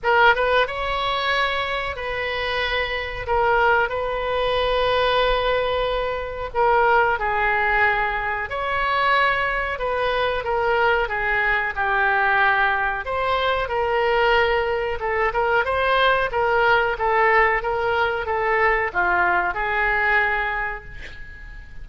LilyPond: \new Staff \with { instrumentName = "oboe" } { \time 4/4 \tempo 4 = 92 ais'8 b'8 cis''2 b'4~ | b'4 ais'4 b'2~ | b'2 ais'4 gis'4~ | gis'4 cis''2 b'4 |
ais'4 gis'4 g'2 | c''4 ais'2 a'8 ais'8 | c''4 ais'4 a'4 ais'4 | a'4 f'4 gis'2 | }